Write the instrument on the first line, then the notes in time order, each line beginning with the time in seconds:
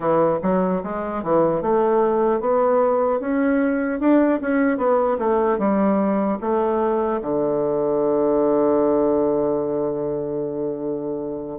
bassoon
0.00 E3
0.42 F#3
0.83 G#3
1.23 E3
1.61 A3
2.40 B3
3.20 C#4
4.00 D4
4.41 C#4
4.77 B3
5.18 A3
5.58 G3
6.40 A3
7.21 D3